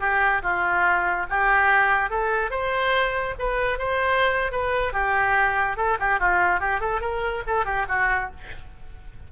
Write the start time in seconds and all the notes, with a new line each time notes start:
0.00 G4
0.43 F4
1.29 G4
2.10 A4
2.50 C5
3.39 B4
3.78 C5
4.52 B4
4.93 G4
5.77 A4
5.99 G4
6.19 F4
6.60 G4
6.80 A4
7.01 A#4
7.47 A4
7.65 G4
7.88 F#4